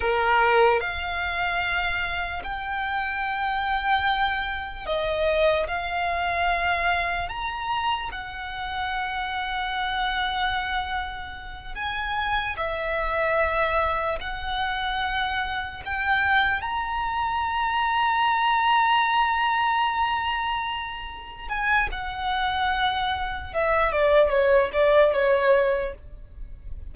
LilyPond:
\new Staff \with { instrumentName = "violin" } { \time 4/4 \tempo 4 = 74 ais'4 f''2 g''4~ | g''2 dis''4 f''4~ | f''4 ais''4 fis''2~ | fis''2~ fis''8 gis''4 e''8~ |
e''4. fis''2 g''8~ | g''8 ais''2.~ ais''8~ | ais''2~ ais''8 gis''8 fis''4~ | fis''4 e''8 d''8 cis''8 d''8 cis''4 | }